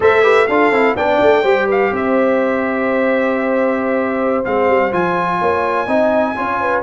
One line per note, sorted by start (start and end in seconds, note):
0.00 0.48 A3
0.00 0.22 A4
0.00 0.23 C5
0.00 0.47 E5
0.22 0.46 G4
0.22 0.47 B4
0.47 0.71 D4
0.47 0.72 F4
0.47 0.96 A4
0.47 0.95 F5
0.71 0.95 C4
0.71 0.96 E4
0.96 1.20 B3
0.96 1.44 D4
0.96 1.43 D5
0.96 1.68 G5
1.21 1.43 A3
1.43 1.91 G3
1.43 4.44 G4
1.43 1.67 C5
1.67 1.91 B4
1.67 1.94 F5
1.92 4.44 C4
1.92 5.39 C5
1.92 4.45 E5
4.45 4.68 G#3
4.45 4.92 C4
4.45 4.92 F5
4.68 4.92 G3
4.92 5.40 F3
4.92 5.87 F4
4.92 6.83 G#5
5.39 5.86 A#3
5.39 5.87 C#5
5.86 6.34 C4
5.86 6.35 D#4
5.86 6.34 D#5
6.35 6.83 C#4
6.35 6.83 F4
6.35 6.60 C#5
6.60 6.83 B4